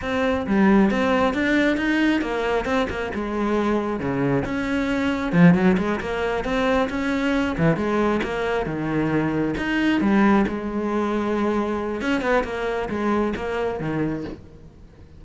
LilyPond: \new Staff \with { instrumentName = "cello" } { \time 4/4 \tempo 4 = 135 c'4 g4 c'4 d'4 | dis'4 ais4 c'8 ais8 gis4~ | gis4 cis4 cis'2 | f8 fis8 gis8 ais4 c'4 cis'8~ |
cis'4 e8 gis4 ais4 dis8~ | dis4. dis'4 g4 gis8~ | gis2. cis'8 b8 | ais4 gis4 ais4 dis4 | }